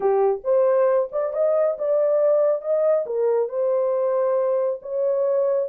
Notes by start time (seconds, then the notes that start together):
0.00 G4
0.44 C5
1.12 D5
1.33 D#5
1.78 D5
2.61 D#5
3.06 A#4
3.48 C5
4.82 C#5